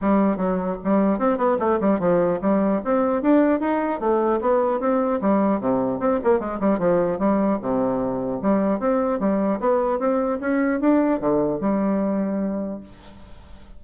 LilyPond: \new Staff \with { instrumentName = "bassoon" } { \time 4/4 \tempo 4 = 150 g4 fis4 g4 c'8 b8 | a8 g8 f4 g4 c'4 | d'4 dis'4 a4 b4 | c'4 g4 c4 c'8 ais8 |
gis8 g8 f4 g4 c4~ | c4 g4 c'4 g4 | b4 c'4 cis'4 d'4 | d4 g2. | }